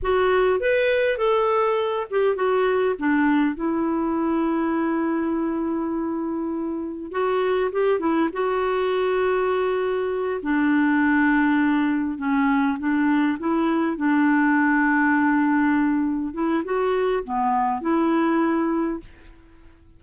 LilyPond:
\new Staff \with { instrumentName = "clarinet" } { \time 4/4 \tempo 4 = 101 fis'4 b'4 a'4. g'8 | fis'4 d'4 e'2~ | e'1 | fis'4 g'8 e'8 fis'2~ |
fis'4. d'2~ d'8~ | d'8 cis'4 d'4 e'4 d'8~ | d'2.~ d'8 e'8 | fis'4 b4 e'2 | }